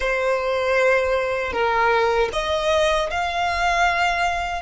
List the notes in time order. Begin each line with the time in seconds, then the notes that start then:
0.00 C5
1.52 A#4
2.33 D#5
3.10 F5